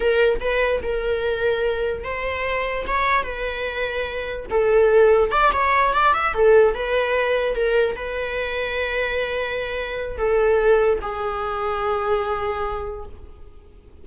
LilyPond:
\new Staff \with { instrumentName = "viola" } { \time 4/4 \tempo 4 = 147 ais'4 b'4 ais'2~ | ais'4 c''2 cis''4 | b'2. a'4~ | a'4 d''8 cis''4 d''8 e''8 a'8~ |
a'8 b'2 ais'4 b'8~ | b'1~ | b'4 a'2 gis'4~ | gis'1 | }